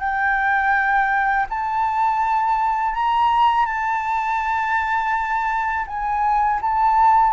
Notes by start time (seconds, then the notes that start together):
0.00 G5
1.50 A5
2.94 A#5
3.66 A5
5.87 G#5
6.62 A5